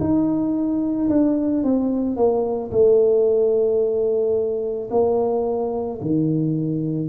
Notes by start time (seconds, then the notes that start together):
0.00 D#4
1.09 D4
1.64 C4
2.16 A#3
2.71 A3
4.91 A#3
6.01 D#3